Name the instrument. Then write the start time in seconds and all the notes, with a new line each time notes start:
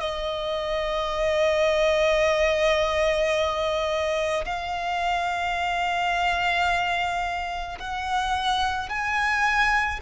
violin
0.00 D#5
4.45 F5
7.79 F#5
8.89 G#5